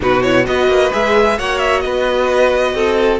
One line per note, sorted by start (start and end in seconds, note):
0.00 0.47 B2
0.00 0.22 D#4
0.00 0.46 F#4
0.00 0.22 B4
0.22 0.46 E4
0.22 0.45 C#5
0.46 0.67 B3
0.46 0.91 F#4
0.46 1.37 B4
0.46 0.92 D#5
0.67 0.90 A#3
0.91 1.39 G#3
0.91 1.37 G#4
0.91 1.38 E5
1.37 1.84 A#3
1.37 3.19 F#4
1.37 1.83 C#5
1.37 1.58 F#5
1.58 1.80 E5
1.80 2.74 B3
1.80 2.74 B4
1.80 3.17 D#5
2.74 3.19 C4
2.74 3.19 A4